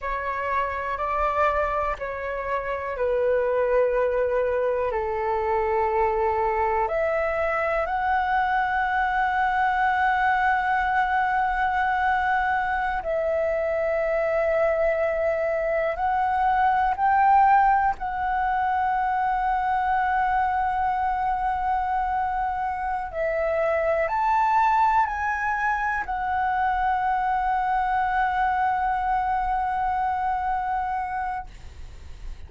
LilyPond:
\new Staff \with { instrumentName = "flute" } { \time 4/4 \tempo 4 = 61 cis''4 d''4 cis''4 b'4~ | b'4 a'2 e''4 | fis''1~ | fis''4~ fis''16 e''2~ e''8.~ |
e''16 fis''4 g''4 fis''4.~ fis''16~ | fis''2.~ fis''8 e''8~ | e''8 a''4 gis''4 fis''4.~ | fis''1 | }